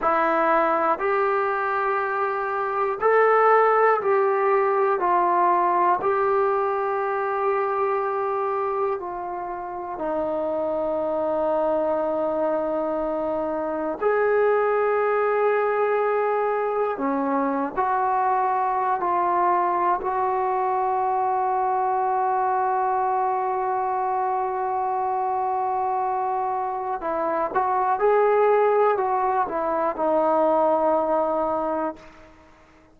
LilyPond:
\new Staff \with { instrumentName = "trombone" } { \time 4/4 \tempo 4 = 60 e'4 g'2 a'4 | g'4 f'4 g'2~ | g'4 f'4 dis'2~ | dis'2 gis'2~ |
gis'4 cis'8. fis'4~ fis'16 f'4 | fis'1~ | fis'2. e'8 fis'8 | gis'4 fis'8 e'8 dis'2 | }